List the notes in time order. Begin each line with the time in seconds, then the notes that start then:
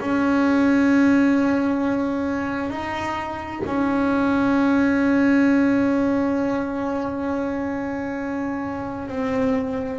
0.00 C#4
2.71 D#4
3.66 C#4
9.09 C4